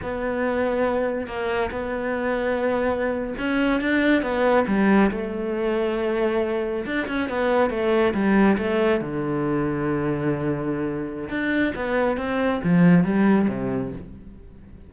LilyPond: \new Staff \with { instrumentName = "cello" } { \time 4/4 \tempo 4 = 138 b2. ais4 | b2.~ b8. cis'16~ | cis'8. d'4 b4 g4 a16~ | a2.~ a8. d'16~ |
d'16 cis'8 b4 a4 g4 a16~ | a8. d2.~ d16~ | d2 d'4 b4 | c'4 f4 g4 c4 | }